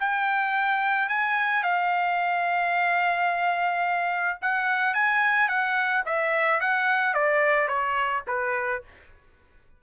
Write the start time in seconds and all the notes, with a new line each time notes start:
0.00 G5
1.09 G#5
1.63 F5
4.42 F#5
4.94 G#5
5.49 F#5
6.06 E5
6.61 F#5
7.14 D5
7.68 C#5
8.28 B4